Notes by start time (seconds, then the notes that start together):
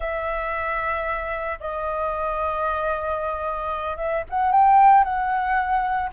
0.00 E5
1.60 D#5
3.97 E5
4.29 F#5
4.52 G5
5.03 F#5